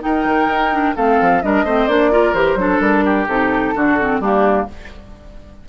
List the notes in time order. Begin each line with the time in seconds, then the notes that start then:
0.00 D#4 A#4 G5
0.24 D#3
0.47 D#4
0.72 D4
0.96 A3 C4 A4 F5
1.20 F3
1.42 G3 D4 A#4 D#5
1.63 A3 C4 C5
1.87 A#3 D4 D5
2.11 F4 A#4
2.33 E3 G4 C5
2.55 F#3 D4 A4
2.80 G3 A#4
3.05 G4
3.27 C3 D#4 A4
3.75 D3 D4 F#4
3.99 C4
4.20 G3 A#3 D4 G4